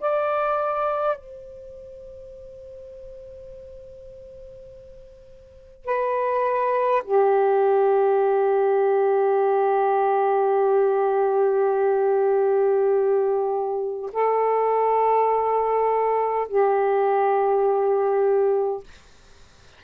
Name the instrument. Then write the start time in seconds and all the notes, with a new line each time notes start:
saxophone
0.00 D5
1.17 C5
5.84 B4
7.04 G4
14.12 A4
16.48 G4